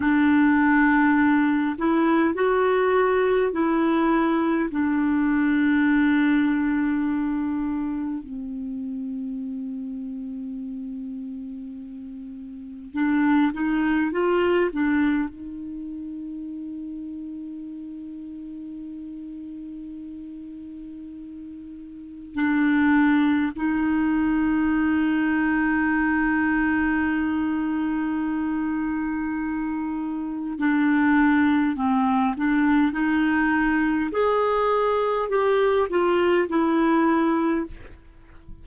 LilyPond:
\new Staff \with { instrumentName = "clarinet" } { \time 4/4 \tempo 4 = 51 d'4. e'8 fis'4 e'4 | d'2. c'4~ | c'2. d'8 dis'8 | f'8 d'8 dis'2.~ |
dis'2. d'4 | dis'1~ | dis'2 d'4 c'8 d'8 | dis'4 gis'4 g'8 f'8 e'4 | }